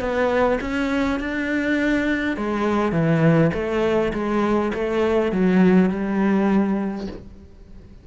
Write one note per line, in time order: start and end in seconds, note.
0.00 0.59 B3
0.61 1.20 C#4
1.20 2.37 D4
2.37 2.92 G#3
2.92 3.51 E3
3.53 4.12 A3
4.13 4.72 G#3
4.74 5.32 A3
5.32 5.90 F#3
5.90 7.07 G3